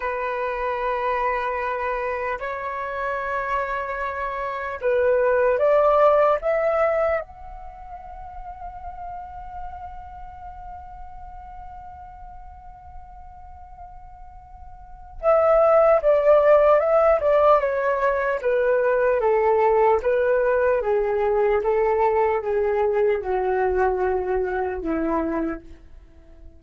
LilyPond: \new Staff \with { instrumentName = "flute" } { \time 4/4 \tempo 4 = 75 b'2. cis''4~ | cis''2 b'4 d''4 | e''4 fis''2.~ | fis''1~ |
fis''2. e''4 | d''4 e''8 d''8 cis''4 b'4 | a'4 b'4 gis'4 a'4 | gis'4 fis'2 e'4 | }